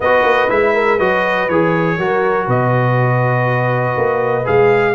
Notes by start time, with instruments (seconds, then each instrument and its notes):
0.00 tuba B3, trombone F#4, horn B4, trumpet D#5
0.23 tuba A#3
0.49 tuba G#3, trombone E4, trumpet E5
0.73 horn A#4
0.96 tuba F#3, trombone F#4, horn B4, trumpet D#5
1.48 tuba E3, trombone G#4, trumpet C#5
1.97 tuba F#3, trombone F#4, horn A#4
2.45 tuba B2, horn B4, trumpet D#5
3.96 tuba A#3
4.44 tuba G#3, trombone G#4, trumpet F5